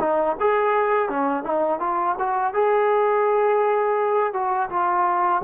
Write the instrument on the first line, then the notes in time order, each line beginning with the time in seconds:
trombone
0.00 D#4
0.40 G#4
1.09 C#4
1.44 D#4
1.79 F4
2.19 F#4
2.53 G#4
4.33 F#4
4.70 F4